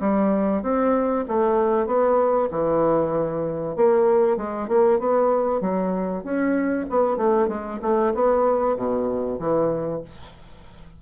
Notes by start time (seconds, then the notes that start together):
0.00 G3
0.62 C4
1.28 A3
1.86 B3
2.51 E3
3.76 A#3
4.37 G#3
4.68 A#3
4.99 B3
5.61 F#3
6.23 C#4
6.89 B3
7.17 A3
7.48 G#3
7.82 A3
8.14 B3
8.76 B2
9.39 E3